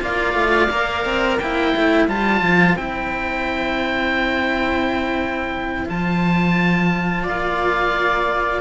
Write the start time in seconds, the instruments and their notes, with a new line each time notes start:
0.00 cello A#3 F4, viola D5, oboe F5
0.34 cello A3
0.70 cello A#3 A#4
1.06 cello C4
1.39 cello A#3 E4, viola C5, oboe G5
1.77 cello A3
2.08 cello G3 F4, oboe A5
2.42 cello F3
2.76 cello C4 E4, oboe G5
5.87 cello F3 F4, oboe A5
7.24 cello A#3, viola D5, oboe F5